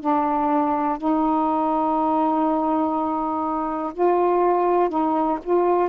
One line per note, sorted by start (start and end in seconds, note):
0.00 0.97 D4
0.97 3.93 D#4
3.93 4.89 F4
4.89 5.38 D#4
5.43 5.89 F4